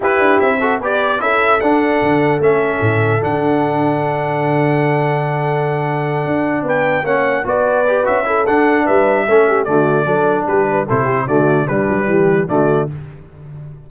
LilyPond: <<
  \new Staff \with { instrumentName = "trumpet" } { \time 4/4 \tempo 4 = 149 b'4 e''4 d''4 e''4 | fis''2 e''2 | fis''1~ | fis''1~ |
fis''8 g''4 fis''4 d''4. | e''4 fis''4 e''2 | d''2 b'4 c''4 | d''4 b'2 d''4 | }
  \new Staff \with { instrumentName = "horn" } { \time 4/4 g'4. a'8 b'4 a'4~ | a'1~ | a'1~ | a'1~ |
a'8 b'4 cis''4 b'4.~ | b'8 a'4. b'4 a'8 g'8 | fis'4 a'4 g'8 b'8 a'8 g'8 | fis'4 d'4 g'4 fis'4 | }
  \new Staff \with { instrumentName = "trombone" } { \time 4/4 e'4. fis'8 g'4 e'4 | d'2 cis'2 | d'1~ | d'1~ |
d'4. cis'4 fis'4 g'8 | fis'8 e'8 d'2 cis'4 | a4 d'2 e'4 | a4 g2 a4 | }
  \new Staff \with { instrumentName = "tuba" } { \time 4/4 e'8 d'8 c'4 b4 cis'4 | d'4 d4 a4 a,4 | d1~ | d2.~ d8 d'8~ |
d'8 b4 ais4 b4. | cis'4 d'4 g4 a4 | d4 fis4 g4 c4 | d4 g8 fis8 e4 d4 | }
>>